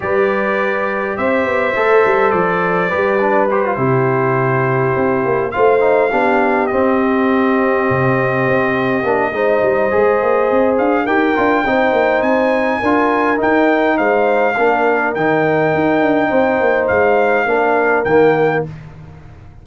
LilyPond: <<
  \new Staff \with { instrumentName = "trumpet" } { \time 4/4 \tempo 4 = 103 d''2 e''2 | d''2 c''2~ | c''4. f''2 dis''8~ | dis''1~ |
dis''2~ dis''8 f''8 g''4~ | g''4 gis''2 g''4 | f''2 g''2~ | g''4 f''2 g''4 | }
  \new Staff \with { instrumentName = "horn" } { \time 4/4 b'2 c''2~ | c''4 b'4. g'4.~ | g'4. c''4 g'4.~ | g'1 |
c''2. ais'4 | c''2 ais'2 | c''4 ais'2. | c''2 ais'2 | }
  \new Staff \with { instrumentName = "trombone" } { \time 4/4 g'2. a'4~ | a'4 g'8 d'8 g'16 f'16 e'4.~ | e'4. f'8 dis'8 d'4 c'8~ | c'2.~ c'8 d'8 |
dis'4 gis'2 g'8 f'8 | dis'2 f'4 dis'4~ | dis'4 d'4 dis'2~ | dis'2 d'4 ais4 | }
  \new Staff \with { instrumentName = "tuba" } { \time 4/4 g2 c'8 b8 a8 g8 | f4 g4. c4.~ | c8 c'8 ais8 a4 b4 c'8~ | c'4. c4 c'4 ais8 |
gis8 g8 gis8 ais8 c'8 d'8 dis'8 d'8 | c'8 ais8 c'4 d'4 dis'4 | gis4 ais4 dis4 dis'8 d'8 | c'8 ais8 gis4 ais4 dis4 | }
>>